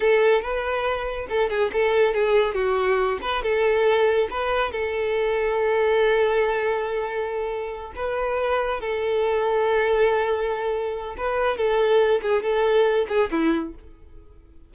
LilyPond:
\new Staff \with { instrumentName = "violin" } { \time 4/4 \tempo 4 = 140 a'4 b'2 a'8 gis'8 | a'4 gis'4 fis'4. b'8 | a'2 b'4 a'4~ | a'1~ |
a'2~ a'8 b'4.~ | b'8 a'2.~ a'8~ | a'2 b'4 a'4~ | a'8 gis'8 a'4. gis'8 e'4 | }